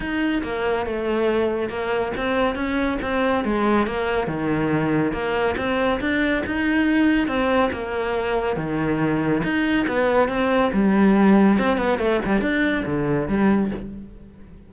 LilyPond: \new Staff \with { instrumentName = "cello" } { \time 4/4 \tempo 4 = 140 dis'4 ais4 a2 | ais4 c'4 cis'4 c'4 | gis4 ais4 dis2 | ais4 c'4 d'4 dis'4~ |
dis'4 c'4 ais2 | dis2 dis'4 b4 | c'4 g2 c'8 b8 | a8 g8 d'4 d4 g4 | }